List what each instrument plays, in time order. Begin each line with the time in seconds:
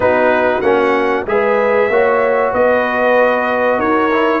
0.00 tuba B3, trombone D#4, horn F#4, trumpet B4
0.61 tuba A#3, trombone C#4, trumpet F#5
1.26 tuba G#3, trombone G#4, horn B4, trumpet E5
1.89 tuba A#3, trombone F#4, horn C#5
2.52 tuba B3, horn B4, trumpet D#5
3.77 tuba D#4, horn A#4, trumpet C#5
4.11 trombone E4